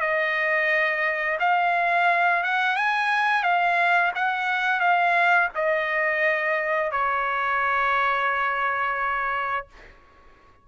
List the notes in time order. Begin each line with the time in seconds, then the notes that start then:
0.00 D#5
1.40 F5
2.44 F#5
2.76 G#5
3.43 F5
4.15 F#5
4.80 F5
5.55 D#5
6.91 C#5